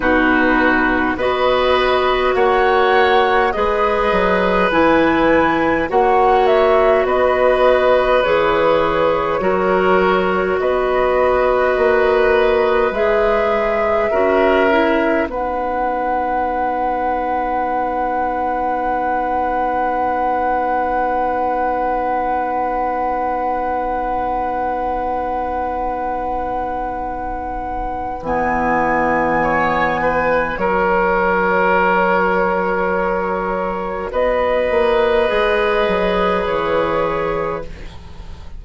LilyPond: <<
  \new Staff \with { instrumentName = "flute" } { \time 4/4 \tempo 4 = 51 b'4 dis''4 fis''4 dis''4 | gis''4 fis''8 e''8 dis''4 cis''4~ | cis''4 dis''2 e''4~ | e''4 fis''2.~ |
fis''1~ | fis''1 | gis''2 cis''2~ | cis''4 dis''2 cis''4 | }
  \new Staff \with { instrumentName = "oboe" } { \time 4/4 fis'4 b'4 cis''4 b'4~ | b'4 cis''4 b'2 | ais'4 b'2. | ais'4 b'2.~ |
b'1~ | b'1~ | b'4 cis''8 b'8 ais'2~ | ais'4 b'2. | }
  \new Staff \with { instrumentName = "clarinet" } { \time 4/4 dis'4 fis'2 gis'4 | e'4 fis'2 gis'4 | fis'2. gis'4 | fis'8 e'8 dis'2.~ |
dis'1~ | dis'1 | b2 fis'2~ | fis'2 gis'2 | }
  \new Staff \with { instrumentName = "bassoon" } { \time 4/4 b,4 b4 ais4 gis8 fis8 | e4 ais4 b4 e4 | fis4 b4 ais4 gis4 | cis'4 b2.~ |
b1~ | b1 | e2 fis2~ | fis4 b8 ais8 gis8 fis8 e4 | }
>>